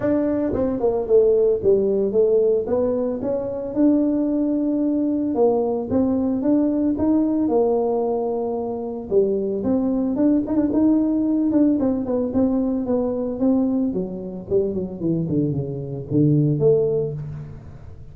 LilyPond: \new Staff \with { instrumentName = "tuba" } { \time 4/4 \tempo 4 = 112 d'4 c'8 ais8 a4 g4 | a4 b4 cis'4 d'4~ | d'2 ais4 c'4 | d'4 dis'4 ais2~ |
ais4 g4 c'4 d'8 dis'16 d'16 | dis'4. d'8 c'8 b8 c'4 | b4 c'4 fis4 g8 fis8 | e8 d8 cis4 d4 a4 | }